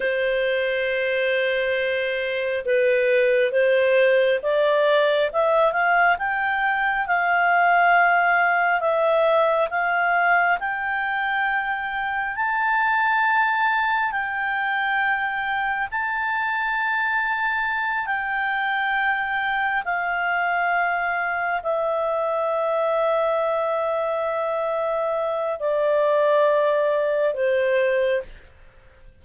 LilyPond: \new Staff \with { instrumentName = "clarinet" } { \time 4/4 \tempo 4 = 68 c''2. b'4 | c''4 d''4 e''8 f''8 g''4 | f''2 e''4 f''4 | g''2 a''2 |
g''2 a''2~ | a''8 g''2 f''4.~ | f''8 e''2.~ e''8~ | e''4 d''2 c''4 | }